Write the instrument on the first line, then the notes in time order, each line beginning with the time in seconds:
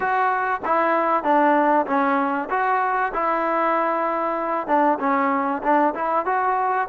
trombone
0.00 F#4
0.65 E4
1.23 D4
1.86 C#4
2.49 F#4
3.13 E4
4.67 D4
4.99 C#4
5.62 D4
5.94 E4
6.25 F#4